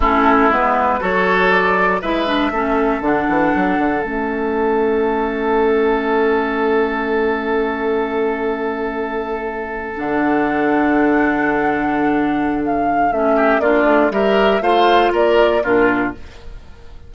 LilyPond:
<<
  \new Staff \with { instrumentName = "flute" } { \time 4/4 \tempo 4 = 119 a'4 b'4 cis''4 d''4 | e''2 fis''2 | e''1~ | e''1~ |
e''2.~ e''8. fis''16~ | fis''1~ | fis''4 f''4 e''4 d''4 | e''4 f''4 d''4 ais'4 | }
  \new Staff \with { instrumentName = "oboe" } { \time 4/4 e'2 a'2 | b'4 a'2.~ | a'1~ | a'1~ |
a'1~ | a'1~ | a'2~ a'8 g'8 f'4 | ais'4 c''4 ais'4 f'4 | }
  \new Staff \with { instrumentName = "clarinet" } { \time 4/4 cis'4 b4 fis'2 | e'8 d'8 cis'4 d'2 | cis'1~ | cis'1~ |
cis'2.~ cis'8. d'16~ | d'1~ | d'2 cis'4 d'4 | g'4 f'2 d'4 | }
  \new Staff \with { instrumentName = "bassoon" } { \time 4/4 a4 gis4 fis2 | gis4 a4 d8 e8 fis8 d8 | a1~ | a1~ |
a2.~ a8. d16~ | d1~ | d2 a4 ais8 a8 | g4 a4 ais4 ais,4 | }
>>